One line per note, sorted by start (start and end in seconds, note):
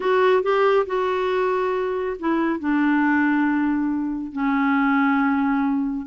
0.00 0.42 F#4
0.42 0.86 G4
0.86 2.16 F#4
2.19 2.59 E4
2.59 4.32 D4
4.32 6.06 C#4